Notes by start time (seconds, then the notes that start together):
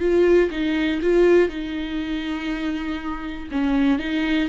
0.00 F4
0.51 D#4
1.02 F4
1.49 D#4
3.52 C#4
3.99 D#4